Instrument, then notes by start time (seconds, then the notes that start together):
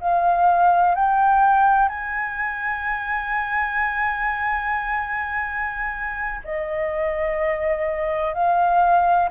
flute
0.00 F5
0.95 G5
1.89 G#5
6.45 D#5
8.34 F5